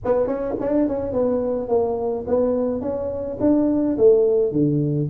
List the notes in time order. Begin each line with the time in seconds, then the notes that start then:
0.04 B3
0.26 C#4
0.60 D4
0.87 C#4
1.12 B3
1.68 A#3
2.27 B3
2.81 C#4
3.40 D4
3.97 A3
4.51 D3